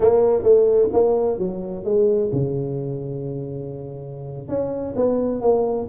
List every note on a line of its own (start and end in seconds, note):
0.00 0.42 A#3
0.42 0.89 A3
0.92 1.38 A#3
1.38 1.84 F#3
1.84 2.30 G#3
2.32 4.48 C#3
4.48 4.94 C#4
4.96 5.41 B3
5.41 5.87 A#3